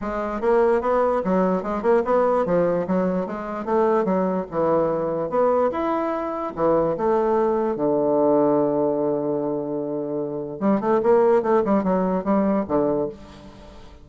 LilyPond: \new Staff \with { instrumentName = "bassoon" } { \time 4/4 \tempo 4 = 147 gis4 ais4 b4 fis4 | gis8 ais8 b4 f4 fis4 | gis4 a4 fis4 e4~ | e4 b4 e'2 |
e4 a2 d4~ | d1~ | d2 g8 a8 ais4 | a8 g8 fis4 g4 d4 | }